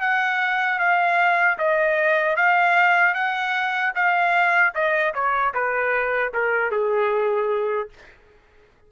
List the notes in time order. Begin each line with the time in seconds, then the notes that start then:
0.00 F#5
0.79 F5
1.58 D#5
2.36 F5
3.14 F#5
3.95 F5
4.74 D#5
5.14 C#5
5.53 B4
6.33 A#4
6.71 G#4